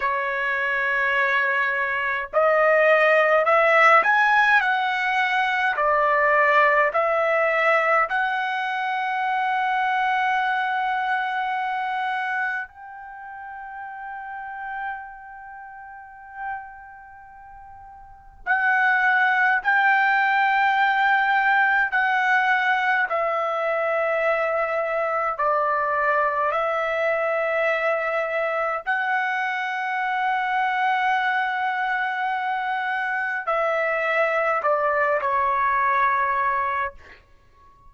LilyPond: \new Staff \with { instrumentName = "trumpet" } { \time 4/4 \tempo 4 = 52 cis''2 dis''4 e''8 gis''8 | fis''4 d''4 e''4 fis''4~ | fis''2. g''4~ | g''1 |
fis''4 g''2 fis''4 | e''2 d''4 e''4~ | e''4 fis''2.~ | fis''4 e''4 d''8 cis''4. | }